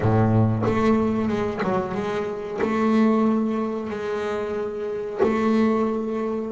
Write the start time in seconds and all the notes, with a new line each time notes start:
0.00 A2
0.65 A3
1.28 G#3
1.63 F#3
1.94 G#3
2.61 A3
3.90 G#3
5.22 A3